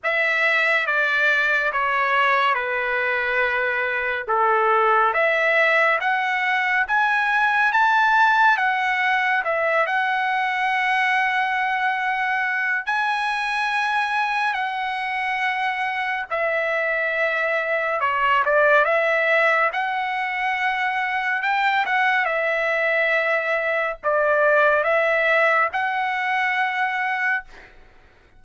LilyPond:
\new Staff \with { instrumentName = "trumpet" } { \time 4/4 \tempo 4 = 70 e''4 d''4 cis''4 b'4~ | b'4 a'4 e''4 fis''4 | gis''4 a''4 fis''4 e''8 fis''8~ | fis''2. gis''4~ |
gis''4 fis''2 e''4~ | e''4 cis''8 d''8 e''4 fis''4~ | fis''4 g''8 fis''8 e''2 | d''4 e''4 fis''2 | }